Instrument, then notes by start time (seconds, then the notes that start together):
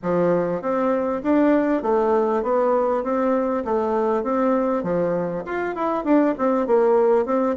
bassoon
0.02 F3
0.61 C4
1.23 D4
1.82 A3
2.42 B3
3.03 C4
3.64 A3
4.23 C4
4.83 F3
5.45 F4
5.75 E4
6.04 D4
6.38 C4
6.67 A#3
7.25 C4